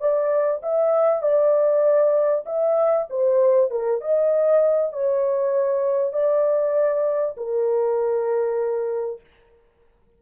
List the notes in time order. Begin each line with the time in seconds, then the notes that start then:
0.00 D5
0.63 E5
1.22 D5
2.46 E5
3.10 C5
3.71 A#4
4.01 D#5
4.93 C#5
6.13 D5
7.37 A#4